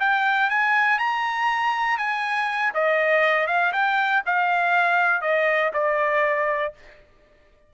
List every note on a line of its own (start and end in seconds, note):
0.00 0.50 G5
0.50 0.99 G#5
0.99 1.98 A#5
1.98 2.73 G#5
2.74 3.47 D#5
3.47 3.72 F5
3.72 4.22 G5
4.26 5.21 F5
5.21 5.71 D#5
5.73 6.73 D5